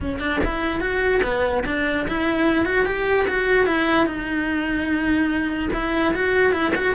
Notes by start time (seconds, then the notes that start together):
0.01 C#4
0.19 D4
0.44 E4
0.80 F#4
1.23 B3
1.65 D4
2.08 E4
2.65 F#4
2.85 G4
3.27 F#4
3.66 E4
4.06 D#4
5.73 E4
6.14 F#4
6.52 E4
6.75 F#4